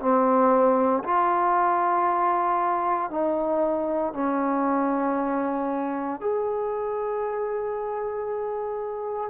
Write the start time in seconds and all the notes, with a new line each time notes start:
0.00 C4
1.04 F4
3.10 D#4
4.14 C#4
6.21 G#4